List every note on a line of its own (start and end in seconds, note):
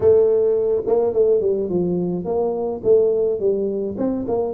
0.00 0.82 A3
0.86 1.13 A#3
1.13 1.40 A3
1.40 1.69 G3
1.69 2.24 F3
2.24 2.81 A#3
2.83 3.39 A3
3.39 3.96 G3
3.97 4.25 C4
4.27 4.54 A#3